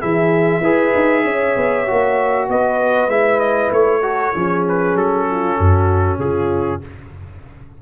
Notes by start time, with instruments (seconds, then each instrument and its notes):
0.00 tuba E3, trombone E4, horn G#4, trumpet E5
0.61 tuba E4, trombone G#4, horn B4
0.95 tuba D#4
1.24 tuba C#4, horn C#5
1.56 tuba B3
1.86 tuba A#3, trombone F#4
2.49 tuba B3, horn B4, trumpet D#5
3.08 tuba G#3, trombone E4, trumpet E5
3.40 trumpet D#5
3.71 tuba A3, trumpet C#5
4.02 trombone F#4, horn A4
4.34 tuba F3, trombone C#4, horn G#4
4.68 trumpet B4
4.95 tuba F#3, trumpet A4
5.29 horn F4
5.58 tuba F#2, horn F#4
6.19 tuba C#3, horn F4, trumpet G#4